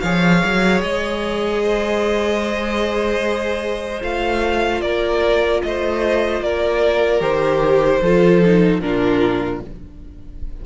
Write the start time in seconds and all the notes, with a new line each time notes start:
0.00 F3 G#4 C#5 F5
0.44 F#3
0.81 G#3 D#5
1.63 C5
4.00 A3 F4 F5
4.81 A#3 A#4 D5
5.62 A3 C5 D#5
6.40 A#3 A#4 D5
7.20 D#3 G4 C5
8.01 F3 F4 A4
8.45 D#4
8.80 A#2 D4 F4 A#4